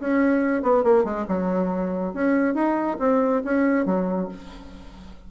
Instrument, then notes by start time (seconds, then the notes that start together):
bassoon
0.00 C#4
0.62 B3
0.84 A#3
1.04 G#3
1.28 F#3
2.14 C#4
2.54 D#4
2.99 C4
3.44 C#4
3.86 F#3